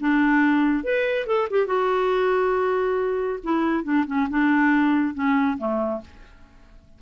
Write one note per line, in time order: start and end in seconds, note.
0.00 0.84 D4
0.84 1.26 B4
1.26 1.48 A4
1.50 1.66 G4
1.66 3.39 F#4
3.43 3.83 E4
3.83 4.05 D4
4.06 4.28 C#4
4.30 5.14 D4
5.14 5.57 C#4
5.57 6.01 A3